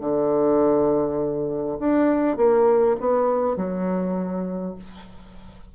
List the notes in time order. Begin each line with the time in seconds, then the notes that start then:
0.00 D3
1.79 D4
2.37 A#3
3.00 B3
3.56 F#3